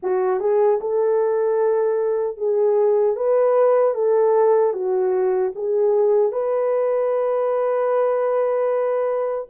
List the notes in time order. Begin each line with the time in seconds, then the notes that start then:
0.03 F#4
0.39 G#4
0.80 A4
2.37 G#4
3.16 B4
3.94 A4
4.73 F#4
5.55 G#4
6.32 B4